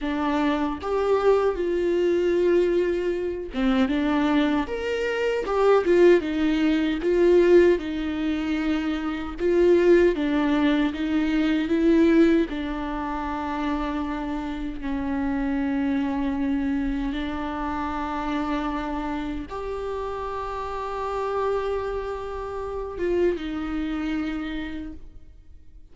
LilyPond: \new Staff \with { instrumentName = "viola" } { \time 4/4 \tempo 4 = 77 d'4 g'4 f'2~ | f'8 c'8 d'4 ais'4 g'8 f'8 | dis'4 f'4 dis'2 | f'4 d'4 dis'4 e'4 |
d'2. cis'4~ | cis'2 d'2~ | d'4 g'2.~ | g'4. f'8 dis'2 | }